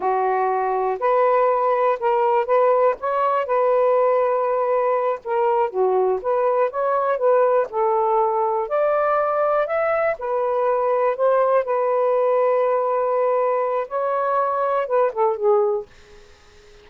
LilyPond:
\new Staff \with { instrumentName = "saxophone" } { \time 4/4 \tempo 4 = 121 fis'2 b'2 | ais'4 b'4 cis''4 b'4~ | b'2~ b'8 ais'4 fis'8~ | fis'8 b'4 cis''4 b'4 a'8~ |
a'4. d''2 e''8~ | e''8 b'2 c''4 b'8~ | b'1 | cis''2 b'8 a'8 gis'4 | }